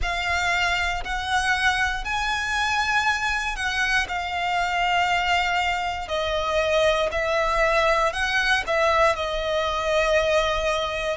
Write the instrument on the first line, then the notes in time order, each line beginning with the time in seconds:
violin
0.02 F5
1.04 F#5
2.04 G#5
3.56 F#5
4.08 F5
6.07 D#5
7.11 E5
8.12 F#5
8.66 E5
9.15 D#5